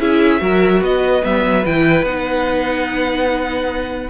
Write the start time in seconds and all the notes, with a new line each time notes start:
0.00 C#4 E4 G#4 E5
0.40 F#3 F#4 A#4
0.81 B3 B4 D#5
1.23 G3 B3 E5
1.44 F#3
1.66 E3 E4 G5
2.03 B3 D#4 F#5